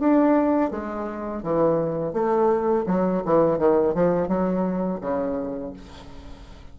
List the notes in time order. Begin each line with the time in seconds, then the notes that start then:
0.00 D4
0.71 G#3
1.43 E3
2.13 A3
2.87 F#3
3.26 E3
3.59 D#3
3.95 F3
4.28 F#3
5.01 C#3